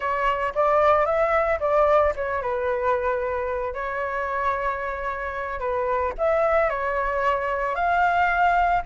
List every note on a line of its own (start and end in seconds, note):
0.00 0.53 C#5
0.54 1.05 D5
1.05 1.59 E5
1.59 2.13 D5
2.15 2.41 C#5
2.41 3.73 B4
3.73 5.59 C#5
5.59 6.13 B4
6.18 6.69 E5
6.69 7.75 C#5
7.75 8.82 F5